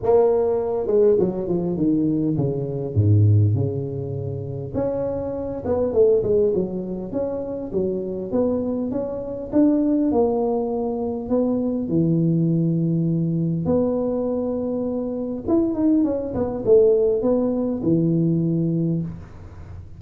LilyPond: \new Staff \with { instrumentName = "tuba" } { \time 4/4 \tempo 4 = 101 ais4. gis8 fis8 f8 dis4 | cis4 gis,4 cis2 | cis'4. b8 a8 gis8 fis4 | cis'4 fis4 b4 cis'4 |
d'4 ais2 b4 | e2. b4~ | b2 e'8 dis'8 cis'8 b8 | a4 b4 e2 | }